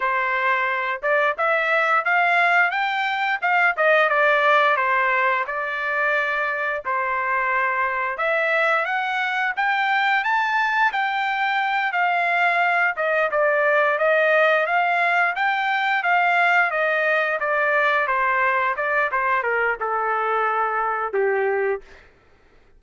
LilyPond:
\new Staff \with { instrumentName = "trumpet" } { \time 4/4 \tempo 4 = 88 c''4. d''8 e''4 f''4 | g''4 f''8 dis''8 d''4 c''4 | d''2 c''2 | e''4 fis''4 g''4 a''4 |
g''4. f''4. dis''8 d''8~ | d''8 dis''4 f''4 g''4 f''8~ | f''8 dis''4 d''4 c''4 d''8 | c''8 ais'8 a'2 g'4 | }